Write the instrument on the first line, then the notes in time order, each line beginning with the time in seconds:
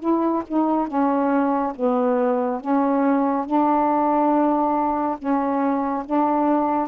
saxophone
0.00 E4
0.48 D#4
0.87 C#4
1.75 B3
2.60 C#4
3.46 D4
5.18 C#4
6.05 D4